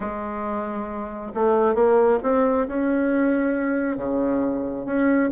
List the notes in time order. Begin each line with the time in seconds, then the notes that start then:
0.00 G#3
1.34 A3
1.74 A#3
2.23 C4
2.67 C#4
3.97 C#3
4.85 C#4